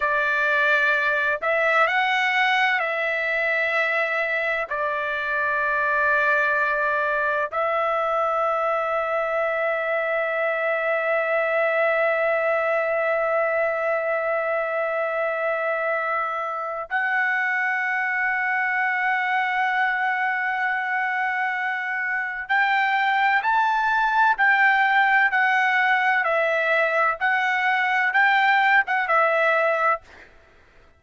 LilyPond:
\new Staff \with { instrumentName = "trumpet" } { \time 4/4 \tempo 4 = 64 d''4. e''8 fis''4 e''4~ | e''4 d''2. | e''1~ | e''1~ |
e''2 fis''2~ | fis''1 | g''4 a''4 g''4 fis''4 | e''4 fis''4 g''8. fis''16 e''4 | }